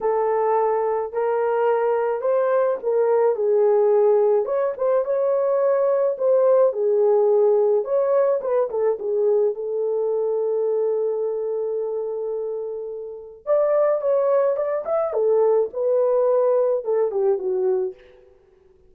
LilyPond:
\new Staff \with { instrumentName = "horn" } { \time 4/4 \tempo 4 = 107 a'2 ais'2 | c''4 ais'4 gis'2 | cis''8 c''8 cis''2 c''4 | gis'2 cis''4 b'8 a'8 |
gis'4 a'2.~ | a'1 | d''4 cis''4 d''8 e''8 a'4 | b'2 a'8 g'8 fis'4 | }